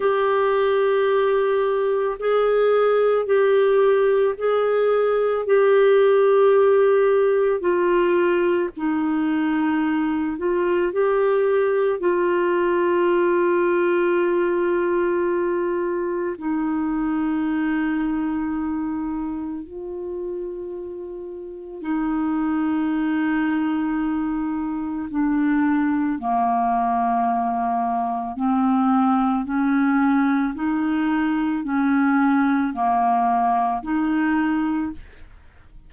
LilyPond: \new Staff \with { instrumentName = "clarinet" } { \time 4/4 \tempo 4 = 55 g'2 gis'4 g'4 | gis'4 g'2 f'4 | dis'4. f'8 g'4 f'4~ | f'2. dis'4~ |
dis'2 f'2 | dis'2. d'4 | ais2 c'4 cis'4 | dis'4 cis'4 ais4 dis'4 | }